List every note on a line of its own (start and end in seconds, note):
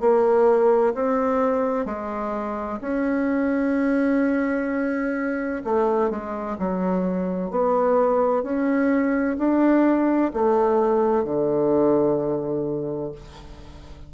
0.00 0.94 A#3
0.94 1.85 C4
1.85 2.79 G#3
2.81 5.62 C#4
5.64 6.10 A3
6.10 6.57 G#3
6.59 7.50 F#3
7.50 8.43 B3
8.43 9.37 C#4
9.38 10.32 D4
10.33 11.24 A3
11.24 13.12 D3